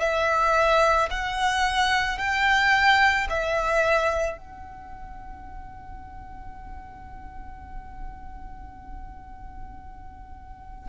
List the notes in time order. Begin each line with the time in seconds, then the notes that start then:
0.00 E5
1.11 F#5
2.18 G5
3.30 E5
4.37 F#5